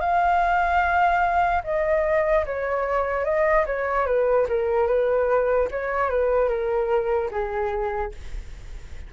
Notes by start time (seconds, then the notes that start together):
0.00 F5
1.64 D#5
2.46 C#5
3.24 D#5
3.66 C#5
4.06 B4
4.49 A#4
4.87 B4
5.71 C#5
6.10 B4
6.49 A#4
7.31 G#4